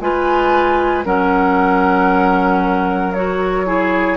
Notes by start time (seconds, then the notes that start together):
0.00 G#3 F4 B4 G#5
1.05 F#3 C#4 A#4 F#5
3.13 F#4 C#5
3.66 E4 G#4